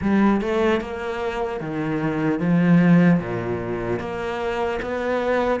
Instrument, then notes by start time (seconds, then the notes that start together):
cello
0.01 G3
0.41 A3
0.80 A#3
1.60 D#3
2.39 F3
3.19 A#2
3.99 A#3
4.81 B3